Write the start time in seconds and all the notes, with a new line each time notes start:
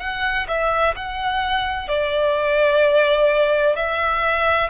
0.00 F#5
0.48 E5
0.96 F#5
1.89 D5
3.76 E5